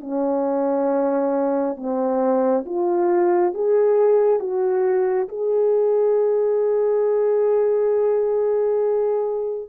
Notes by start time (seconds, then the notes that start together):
0.00 C#4
1.76 C4
2.65 F4
3.54 G#4
4.39 F#4
5.28 G#4